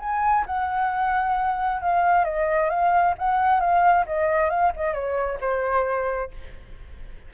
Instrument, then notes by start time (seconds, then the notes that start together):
flute
0.00 G#5
0.46 F#5
1.81 F5
2.25 D#5
2.70 F5
3.18 F#5
3.60 F5
4.06 D#5
4.50 F5
4.77 D#5
4.94 C#5
5.41 C5